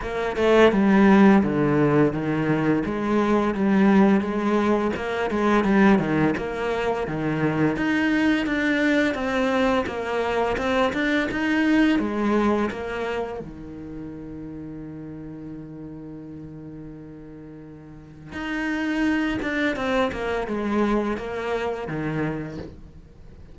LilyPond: \new Staff \with { instrumentName = "cello" } { \time 4/4 \tempo 4 = 85 ais8 a8 g4 d4 dis4 | gis4 g4 gis4 ais8 gis8 | g8 dis8 ais4 dis4 dis'4 | d'4 c'4 ais4 c'8 d'8 |
dis'4 gis4 ais4 dis4~ | dis1~ | dis2 dis'4. d'8 | c'8 ais8 gis4 ais4 dis4 | }